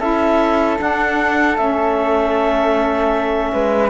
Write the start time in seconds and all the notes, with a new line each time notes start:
0.00 C#4 E4 A4 E5
0.77 D4 F#5
1.56 A3 C#4 E5
3.53 G#3 B4